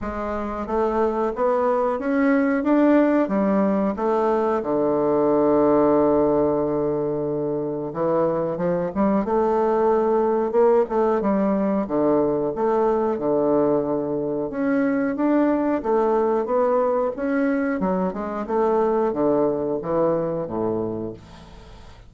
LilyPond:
\new Staff \with { instrumentName = "bassoon" } { \time 4/4 \tempo 4 = 91 gis4 a4 b4 cis'4 | d'4 g4 a4 d4~ | d1 | e4 f8 g8 a2 |
ais8 a8 g4 d4 a4 | d2 cis'4 d'4 | a4 b4 cis'4 fis8 gis8 | a4 d4 e4 a,4 | }